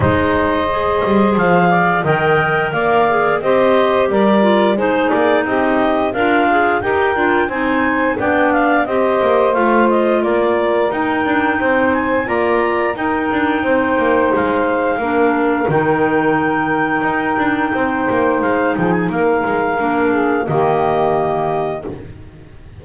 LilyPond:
<<
  \new Staff \with { instrumentName = "clarinet" } { \time 4/4 \tempo 4 = 88 dis''2 f''4 g''4 | f''4 dis''4 d''4 c''8 d''8 | dis''4 f''4 g''4 gis''4 | g''8 f''8 dis''4 f''8 dis''8 d''4 |
g''4. gis''8 ais''4 g''4~ | g''4 f''2 g''4~ | g''2. f''8 g''16 gis''16 | f''2 dis''2 | }
  \new Staff \with { instrumentName = "saxophone" } { \time 4/4 c''2~ c''8 d''8 dis''4 | d''4 c''4 ais'4 gis'4 | g'4 f'4 ais'4 c''4 | d''4 c''2 ais'4~ |
ais'4 c''4 d''4 ais'4 | c''2 ais'2~ | ais'2 c''4. gis'8 | ais'4. gis'8 g'2 | }
  \new Staff \with { instrumentName = "clarinet" } { \time 4/4 dis'4 gis'2 ais'4~ | ais'8 gis'8 g'4. f'8 dis'4~ | dis'4 ais'8 gis'8 g'8 f'8 dis'4 | d'4 g'4 f'2 |
dis'2 f'4 dis'4~ | dis'2 d'4 dis'4~ | dis'1~ | dis'4 d'4 ais2 | }
  \new Staff \with { instrumentName = "double bass" } { \time 4/4 gis4. g8 f4 dis4 | ais4 c'4 g4 gis8 ais8 | c'4 d'4 dis'8 d'8 c'4 | b4 c'8 ais8 a4 ais4 |
dis'8 d'8 c'4 ais4 dis'8 d'8 | c'8 ais8 gis4 ais4 dis4~ | dis4 dis'8 d'8 c'8 ais8 gis8 f8 | ais8 gis8 ais4 dis2 | }
>>